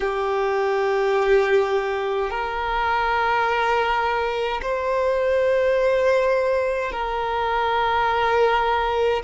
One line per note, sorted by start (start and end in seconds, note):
0.00 2.30 G4
2.30 4.60 A#4
4.62 6.92 C5
6.92 9.23 A#4